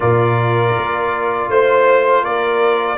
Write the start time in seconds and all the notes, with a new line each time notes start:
0.00 A#2 F4 A#4 D5
0.77 A#3
1.48 A3 C5
2.22 A#3 A#4 D5